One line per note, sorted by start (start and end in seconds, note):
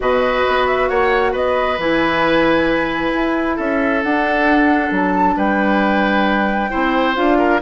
0.00 0.45 B2
0.00 1.77 F#4
0.00 0.89 B4
0.00 0.67 D#5
0.47 0.90 B3
0.67 0.88 E5
0.88 1.33 A#3
0.88 1.32 C#5
0.88 1.33 F#5
1.32 1.78 B3
1.32 3.56 B4
1.32 1.79 D#5
1.78 3.12 E3
1.78 4.04 E4
1.78 3.57 G#5
3.14 3.58 E4
3.56 4.03 C#4
3.56 5.35 A4
3.56 4.02 E5
4.03 4.91 D4
4.03 6.69 D4
4.03 4.92 F#5
4.91 5.35 F#3
4.91 5.37 A5
5.35 6.70 G3
5.35 6.70 B4
5.35 7.16 G5
6.69 7.16 C4
6.69 7.14 E4
6.69 7.37 C5
7.15 7.61 D4
7.15 7.59 F4
7.15 7.60 F5
7.38 7.60 A#4